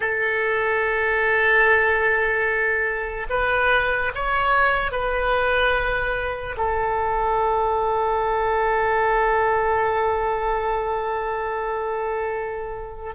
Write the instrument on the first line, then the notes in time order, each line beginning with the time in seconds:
oboe
0.00 A4
3.29 B4
4.14 C#5
4.91 B4
6.57 A4